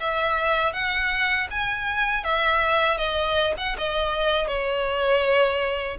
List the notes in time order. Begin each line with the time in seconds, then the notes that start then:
0.00 E5
0.73 F#5
1.51 G#5
2.24 E5
2.98 D#5
3.58 F#5
3.78 D#5
4.48 C#5